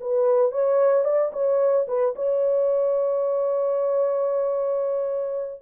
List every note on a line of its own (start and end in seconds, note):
0.00 0.51 B4
0.51 1.04 C#5
1.04 1.31 D5
1.32 1.86 C#5
1.87 2.14 B4
2.16 5.62 C#5